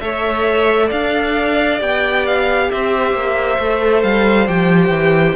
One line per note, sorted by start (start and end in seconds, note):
0.00 0.91 A3
0.00 1.79 A4
0.00 0.87 C#5
0.00 0.90 E5
0.87 1.81 D4
0.87 2.66 D5
0.87 1.81 F5
1.79 2.71 B3
1.79 3.59 G4
1.79 2.27 G5
2.27 2.71 F5
2.71 3.14 C4
2.71 5.37 C5
2.71 4.03 E5
3.14 3.58 A#3
3.59 4.04 A3
3.59 4.48 A4
4.03 4.48 G3
4.03 4.48 F5
4.48 4.89 F3
4.48 5.37 G4
4.48 5.37 G5
4.89 5.34 E3